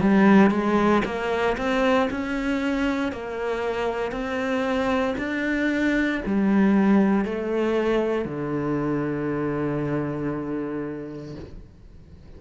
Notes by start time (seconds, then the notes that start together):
0.00 G3
0.50 G#3
1.05 A#3
1.57 C4
2.10 C#4
3.12 A#3
4.11 C4
5.17 D4
6.25 G3
7.25 A3
8.24 D3